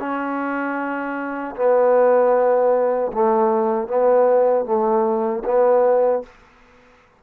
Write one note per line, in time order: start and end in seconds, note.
0.00 1.56 C#4
1.56 3.12 B3
3.13 3.88 A3
3.88 4.65 B3
4.65 5.43 A3
5.45 6.23 B3